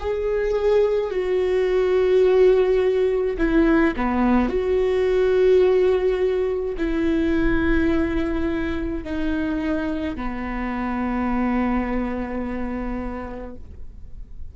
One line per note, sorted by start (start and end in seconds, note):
0.00 1.11 G#4
1.11 3.38 F#4
3.38 3.95 E4
3.97 4.49 B3
4.49 6.76 F#4
6.78 9.04 E4
9.04 10.16 D#4
10.16 13.56 B3